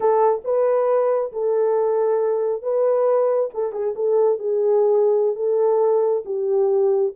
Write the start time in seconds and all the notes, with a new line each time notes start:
0.00 A4
0.44 B4
1.32 A4
2.62 B4
3.54 A4
3.72 G#4
3.95 A4
4.39 G#4
5.35 A4
6.25 G4